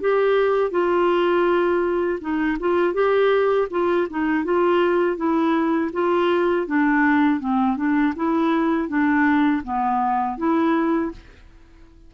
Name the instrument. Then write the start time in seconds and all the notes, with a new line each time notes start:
clarinet
0.00 G4
0.71 F4
2.20 D#4
2.59 F4
2.94 G4
3.70 F4
4.10 D#4
4.44 F4
5.16 E4
5.92 F4
6.66 D4
7.40 C4
7.76 D4
8.16 E4
8.88 D4
9.63 B3
10.37 E4